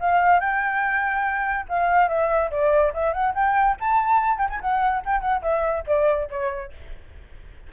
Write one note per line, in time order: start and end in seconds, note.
0.00 0.40 F5
0.40 1.66 G5
1.69 2.08 F5
2.08 2.50 E5
2.51 2.93 D5
2.94 3.13 E5
3.13 3.34 F#5
3.34 3.76 G5
3.80 4.38 A5
4.38 4.49 G5
4.50 4.60 G#5
4.61 5.03 F#5
5.05 5.21 G5
5.21 5.42 F#5
5.42 5.84 E5
5.87 6.29 D5
6.31 6.73 C#5